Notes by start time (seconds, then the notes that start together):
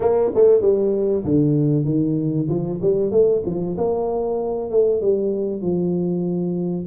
0.00 A#3
0.34 A3
0.61 G3
1.24 D3
1.84 D#3
2.49 F3
2.81 G3
3.11 A3
3.45 F3
3.77 A#3
4.70 A3
5.01 G3
5.61 F3